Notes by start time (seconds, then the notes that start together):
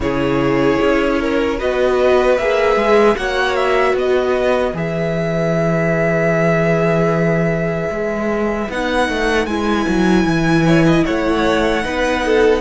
0.00 C#3 E4 G#4 C#5
0.81 C#4
1.19 A#4
1.58 B3 F#4 B4 D#5
2.37 A#3 G#4 E5
2.75 G#3
3.15 A#3 F#4 C#5 F#5
3.55 E5
3.93 B3 B4 D#5
4.73 E3 G#4 E5
7.90 G#3
8.69 B3 D#4 F#5
9.08 A3
9.46 G#3 E4 G#5
9.88 F#3
10.24 E3
10.65 C#5
10.86 D#5
11.05 A3 C#5 F#5
11.82 B3 D#4 B4
12.25 A4